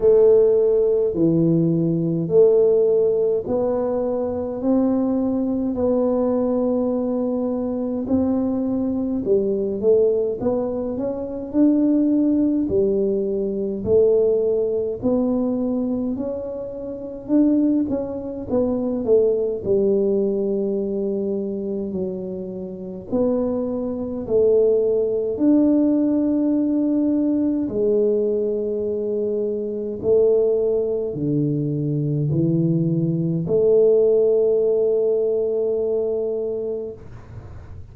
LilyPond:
\new Staff \with { instrumentName = "tuba" } { \time 4/4 \tempo 4 = 52 a4 e4 a4 b4 | c'4 b2 c'4 | g8 a8 b8 cis'8 d'4 g4 | a4 b4 cis'4 d'8 cis'8 |
b8 a8 g2 fis4 | b4 a4 d'2 | gis2 a4 d4 | e4 a2. | }